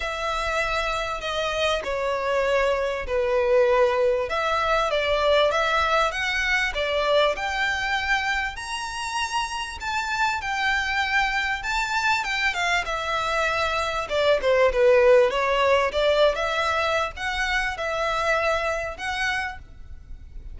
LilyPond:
\new Staff \with { instrumentName = "violin" } { \time 4/4 \tempo 4 = 98 e''2 dis''4 cis''4~ | cis''4 b'2 e''4 | d''4 e''4 fis''4 d''4 | g''2 ais''2 |
a''4 g''2 a''4 | g''8 f''8 e''2 d''8 c''8 | b'4 cis''4 d''8. e''4~ e''16 | fis''4 e''2 fis''4 | }